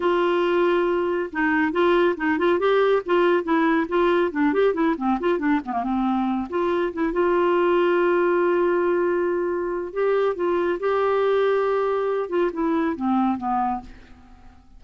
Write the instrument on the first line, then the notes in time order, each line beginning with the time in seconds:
clarinet
0.00 F4
1.32 D#4
1.72 F4
2.16 D#4
2.38 F4
2.59 G4
3.05 F4
3.43 E4
3.88 F4
4.31 D4
4.53 G4
4.74 E4
4.97 C4
5.20 F4
5.38 D4
5.65 B3
5.72 A#3
5.83 C4
6.49 F4
6.93 E4
7.12 F4
9.93 G4
10.35 F4
10.79 G4
12.29 F4
12.52 E4
12.96 C4
13.37 B3